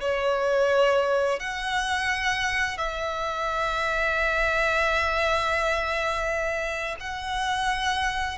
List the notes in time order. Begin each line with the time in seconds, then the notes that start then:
0.00 C#5
1.40 F#5
2.77 E5
7.00 F#5